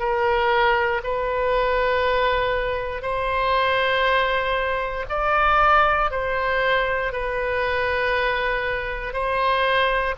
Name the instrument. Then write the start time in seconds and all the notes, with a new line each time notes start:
oboe
0.00 A#4
1.04 B4
3.02 C5
5.10 D5
6.11 C5
7.13 B4
9.14 C5